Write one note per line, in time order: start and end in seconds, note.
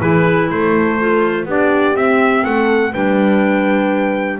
0.00 0.50 E3
0.00 0.99 E4
0.00 0.49 G#4
0.00 0.50 B4
0.50 1.46 A3
0.50 1.47 A4
0.50 1.48 C5
1.00 1.48 F4
1.46 1.94 B3
1.46 1.95 D4
1.46 2.45 G4
1.46 1.97 D5
1.95 2.44 C4
1.95 2.93 C4
1.95 2.45 E5
2.45 2.95 A3
2.45 2.92 A4
2.45 2.93 F#5
2.92 4.40 G3
2.92 4.40 D4
2.92 4.38 B4
2.92 4.40 G5